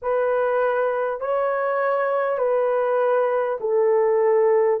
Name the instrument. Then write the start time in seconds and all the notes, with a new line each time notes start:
horn
0.02 B4
1.20 C#5
2.38 B4
3.60 A4